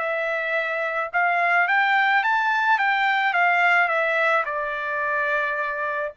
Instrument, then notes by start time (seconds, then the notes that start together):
trumpet
0.00 E5
1.13 F5
1.68 G5
2.24 A5
2.79 G5
3.34 F5
3.88 E5
4.46 D5